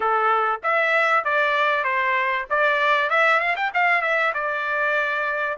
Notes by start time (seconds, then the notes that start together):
0.00 A4
0.63 E5
1.24 D5
1.84 C5
2.50 D5
3.10 E5
3.40 F5
3.55 G5
3.74 F5
4.01 E5
4.34 D5